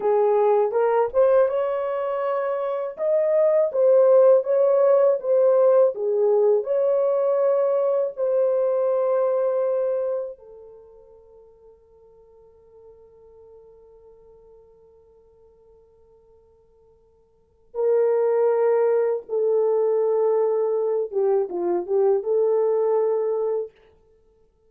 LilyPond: \new Staff \with { instrumentName = "horn" } { \time 4/4 \tempo 4 = 81 gis'4 ais'8 c''8 cis''2 | dis''4 c''4 cis''4 c''4 | gis'4 cis''2 c''4~ | c''2 a'2~ |
a'1~ | a'1 | ais'2 a'2~ | a'8 g'8 f'8 g'8 a'2 | }